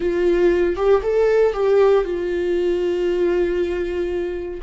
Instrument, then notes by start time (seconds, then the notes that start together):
viola
0.00 F4
0.76 G4
1.02 A4
1.53 G4
2.04 F4